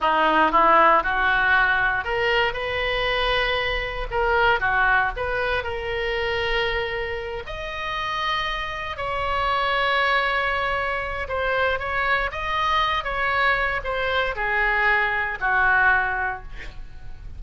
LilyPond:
\new Staff \with { instrumentName = "oboe" } { \time 4/4 \tempo 4 = 117 dis'4 e'4 fis'2 | ais'4 b'2. | ais'4 fis'4 b'4 ais'4~ | ais'2~ ais'8 dis''4.~ |
dis''4. cis''2~ cis''8~ | cis''2 c''4 cis''4 | dis''4. cis''4. c''4 | gis'2 fis'2 | }